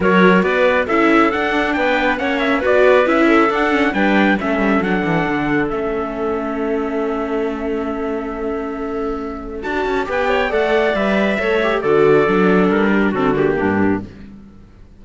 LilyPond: <<
  \new Staff \with { instrumentName = "trumpet" } { \time 4/4 \tempo 4 = 137 cis''4 d''4 e''4 fis''4 | g''4 fis''8 e''8 d''4 e''4 | fis''4 g''4 e''4 fis''4~ | fis''4 e''2.~ |
e''1~ | e''2 a''4 g''4 | fis''4 e''2 d''4~ | d''4 ais'4 a'8 g'4. | }
  \new Staff \with { instrumentName = "clarinet" } { \time 4/4 ais'4 b'4 a'2 | b'4 cis''4 b'4. a'8~ | a'4 b'4 a'2~ | a'1~ |
a'1~ | a'2. b'8 cis''8 | d''2 cis''4 a'4~ | a'4. g'8 fis'4 d'4 | }
  \new Staff \with { instrumentName = "viola" } { \time 4/4 fis'2 e'4 d'4~ | d'4 cis'4 fis'4 e'4 | d'8 cis'8 d'4 cis'4 d'4~ | d'4 cis'2.~ |
cis'1~ | cis'2 fis'4 g'4 | a'4 b'4 a'8 g'8 fis'4 | d'2 c'8 ais4. | }
  \new Staff \with { instrumentName = "cello" } { \time 4/4 fis4 b4 cis'4 d'4 | b4 ais4 b4 cis'4 | d'4 g4 a8 g8 fis8 e8 | d4 a2.~ |
a1~ | a2 d'8 cis'8 b4 | a4 g4 a4 d4 | fis4 g4 d4 g,4 | }
>>